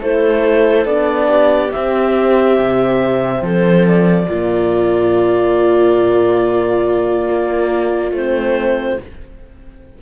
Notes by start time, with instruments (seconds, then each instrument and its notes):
0.00 cello A3, horn E4, viola A4, clarinet C5
0.85 cello B3, horn D4, clarinet D5
1.28 viola G4
1.72 horn C4, cello C4, clarinet E5
2.60 cello C3
3.42 cello F3, viola A4, clarinet C5
3.88 clarinet D5
4.28 cello A#2, horn A#3, viola F4
7.30 cello A#3
8.12 cello A3, horn C4, clarinet C5